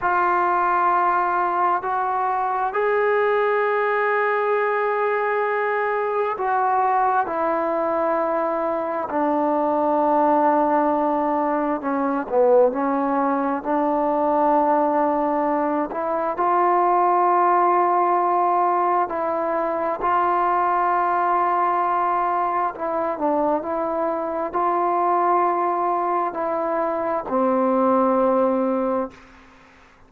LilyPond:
\new Staff \with { instrumentName = "trombone" } { \time 4/4 \tempo 4 = 66 f'2 fis'4 gis'4~ | gis'2. fis'4 | e'2 d'2~ | d'4 cis'8 b8 cis'4 d'4~ |
d'4. e'8 f'2~ | f'4 e'4 f'2~ | f'4 e'8 d'8 e'4 f'4~ | f'4 e'4 c'2 | }